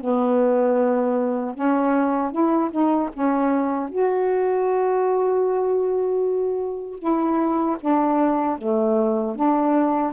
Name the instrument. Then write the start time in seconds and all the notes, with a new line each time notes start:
saxophone
0.00 B3
1.54 C#4
2.31 E4
2.71 D#4
3.13 C#4
3.89 F#4
6.99 E4
7.80 D4
8.58 A3
9.35 D4